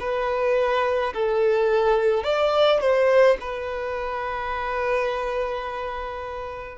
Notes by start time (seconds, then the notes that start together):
0.00 B4
1.14 A4
2.24 D5
2.80 C5
3.40 B4